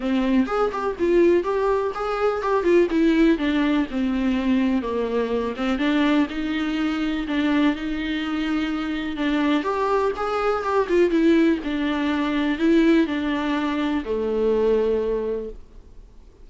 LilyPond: \new Staff \with { instrumentName = "viola" } { \time 4/4 \tempo 4 = 124 c'4 gis'8 g'8 f'4 g'4 | gis'4 g'8 f'8 e'4 d'4 | c'2 ais4. c'8 | d'4 dis'2 d'4 |
dis'2. d'4 | g'4 gis'4 g'8 f'8 e'4 | d'2 e'4 d'4~ | d'4 a2. | }